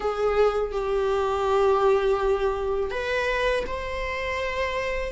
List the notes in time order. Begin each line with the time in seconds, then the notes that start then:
0.00 G#4
0.72 G4
2.90 B4
3.67 C5